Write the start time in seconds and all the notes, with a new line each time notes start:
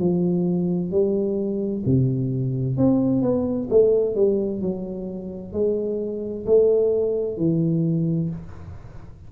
0.00 F3
0.91 G3
1.86 C3
2.78 C4
3.23 B3
3.70 A3
4.16 G3
4.62 F#3
5.53 G#3
6.47 A3
7.38 E3